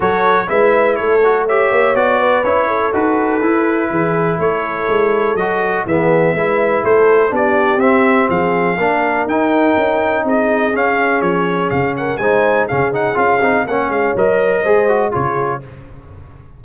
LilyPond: <<
  \new Staff \with { instrumentName = "trumpet" } { \time 4/4 \tempo 4 = 123 cis''4 e''4 cis''4 e''4 | d''4 cis''4 b'2~ | b'4 cis''2 dis''4 | e''2 c''4 d''4 |
e''4 f''2 g''4~ | g''4 dis''4 f''4 cis''4 | f''8 fis''8 gis''4 f''8 fis''8 f''4 | fis''8 f''8 dis''2 cis''4 | }
  \new Staff \with { instrumentName = "horn" } { \time 4/4 a'4 b'4 a'4 cis''4~ | cis''8 b'4 a'2~ a'8 | gis'4 a'2. | gis'4 b'4 a'4 g'4~ |
g'4 gis'4 ais'2~ | ais'4 gis'2.~ | gis'8 ais'8 c''4 gis'2 | cis''2 c''4 gis'4 | }
  \new Staff \with { instrumentName = "trombone" } { \time 4/4 fis'4 e'4. fis'8 g'4 | fis'4 e'4 fis'4 e'4~ | e'2. fis'4 | b4 e'2 d'4 |
c'2 d'4 dis'4~ | dis'2 cis'2~ | cis'4 dis'4 cis'8 dis'8 f'8 dis'8 | cis'4 ais'4 gis'8 fis'8 f'4 | }
  \new Staff \with { instrumentName = "tuba" } { \time 4/4 fis4 gis4 a4. ais8 | b4 cis'4 dis'4 e'4 | e4 a4 gis4 fis4 | e4 gis4 a4 b4 |
c'4 f4 ais4 dis'4 | cis'4 c'4 cis'4 f4 | cis4 gis4 cis4 cis'8 c'8 | ais8 gis8 fis4 gis4 cis4 | }
>>